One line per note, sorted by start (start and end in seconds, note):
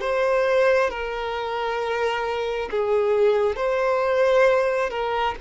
0.00 0.90 C5
0.90 2.69 A#4
2.70 3.55 G#4
3.55 4.89 C5
4.89 5.34 A#4